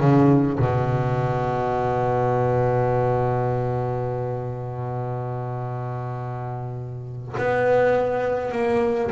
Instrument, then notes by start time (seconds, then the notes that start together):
double bass
0.00 C#3
0.59 B2
7.38 B3
8.52 A#3